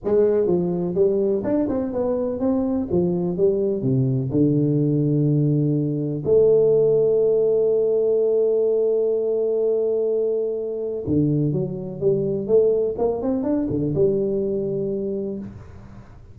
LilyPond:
\new Staff \with { instrumentName = "tuba" } { \time 4/4 \tempo 4 = 125 gis4 f4 g4 d'8 c'8 | b4 c'4 f4 g4 | c4 d2.~ | d4 a2.~ |
a1~ | a2. d4 | fis4 g4 a4 ais8 c'8 | d'8 d8 g2. | }